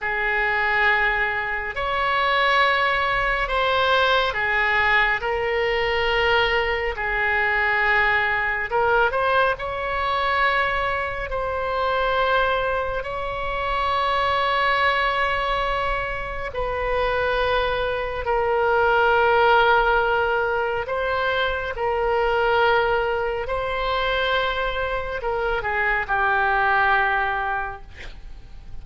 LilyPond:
\new Staff \with { instrumentName = "oboe" } { \time 4/4 \tempo 4 = 69 gis'2 cis''2 | c''4 gis'4 ais'2 | gis'2 ais'8 c''8 cis''4~ | cis''4 c''2 cis''4~ |
cis''2. b'4~ | b'4 ais'2. | c''4 ais'2 c''4~ | c''4 ais'8 gis'8 g'2 | }